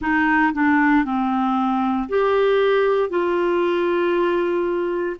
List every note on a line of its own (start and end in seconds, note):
0.00 0.52 D#4
0.53 1.04 D4
1.04 2.08 C4
2.08 3.09 G4
3.09 5.16 F4